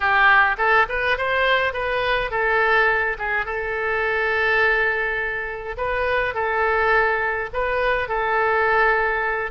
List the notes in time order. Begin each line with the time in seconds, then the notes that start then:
0.00 G4
0.57 A4
0.89 B4
1.17 C5
1.73 B4
2.31 A4
3.18 G#4
3.45 A4
5.77 B4
6.34 A4
7.53 B4
8.08 A4